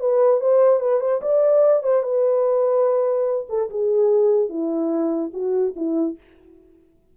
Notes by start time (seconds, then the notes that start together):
0.00 B4
0.40 C5
0.80 B4
1.00 C5
1.21 D5
1.83 C5
2.03 B4
3.49 A4
3.70 G#4
4.49 E4
5.33 F#4
5.76 E4